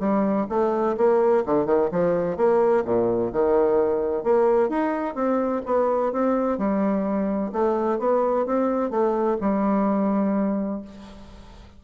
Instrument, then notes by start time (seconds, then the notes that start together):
bassoon
0.00 G3
0.50 A3
0.98 A#3
1.46 D3
1.66 D#3
1.92 F3
2.37 A#3
2.85 A#2
3.33 D#3
4.24 A#3
4.70 D#4
5.15 C4
5.66 B3
6.13 C4
6.58 G3
7.53 A3
7.99 B3
8.47 C4
8.91 A3
9.41 G3